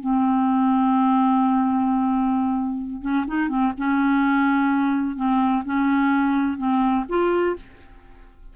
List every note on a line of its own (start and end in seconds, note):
0.00 3.02 C4
3.02 3.25 C#4
3.27 3.49 D#4
3.49 3.73 C4
3.78 5.16 C#4
5.16 5.63 C4
5.65 6.58 C#4
6.58 7.05 C4
7.09 7.56 F4